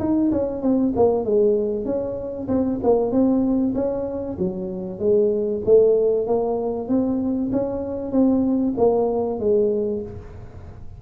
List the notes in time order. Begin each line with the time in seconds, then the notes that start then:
0.00 D#4
0.32 C#4
0.62 C4
0.96 A#3
1.25 G#3
1.85 C#4
2.48 C4
2.83 A#3
3.12 C4
3.75 C#4
4.38 F#3
4.99 G#3
5.65 A3
6.27 A#3
6.89 C4
7.52 C#4
8.12 C4
8.77 A#3
9.40 G#3